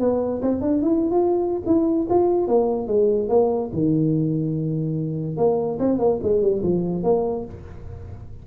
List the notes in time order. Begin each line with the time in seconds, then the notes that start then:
0.00 B3
0.42 C4
0.62 D4
0.82 E4
1.11 F4
1.66 E4
2.10 F4
2.48 A#3
2.88 G#3
3.29 A#3
3.73 D#3
5.37 A#3
5.79 C4
5.99 A#3
6.23 G#3
6.42 G3
6.63 F3
7.03 A#3